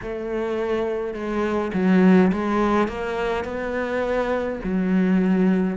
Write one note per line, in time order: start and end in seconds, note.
0.02 1.14 A3
1.14 1.72 G#3
1.73 2.31 F#3
2.32 2.88 G#3
2.88 3.44 A#3
3.44 4.59 B3
4.63 5.76 F#3